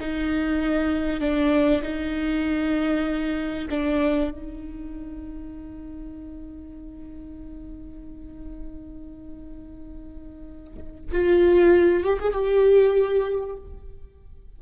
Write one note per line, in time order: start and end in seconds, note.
0.00 1.20 D#4
1.20 1.82 D4
1.83 3.68 D#4
3.70 4.31 D4
4.31 11.11 D#4
11.12 12.04 F4
12.04 12.19 G4
12.20 12.32 G#4
12.32 13.56 G4